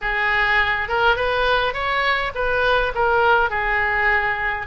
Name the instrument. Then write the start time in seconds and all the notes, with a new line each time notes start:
oboe
0.01 G#4
0.88 A#4
1.15 B4
1.73 C#5
2.34 B4
2.94 A#4
3.50 G#4